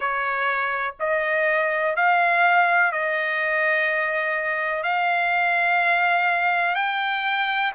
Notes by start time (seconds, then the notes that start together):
0.00 C#5
0.99 D#5
1.96 F5
2.92 D#5
4.83 F5
6.75 G5